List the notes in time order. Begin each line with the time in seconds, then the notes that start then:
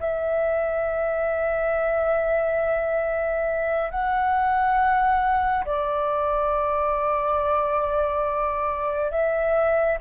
0.00 E5
3.91 F#5
5.65 D5
9.11 E5